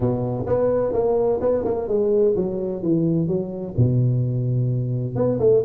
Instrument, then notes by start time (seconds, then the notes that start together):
tuba
0.00 B2
0.46 B3
0.92 A#3
1.40 B3
1.64 A#3
1.88 G#3
2.35 F#3
2.82 E3
3.27 F#3
3.76 B2
5.15 B3
5.39 A3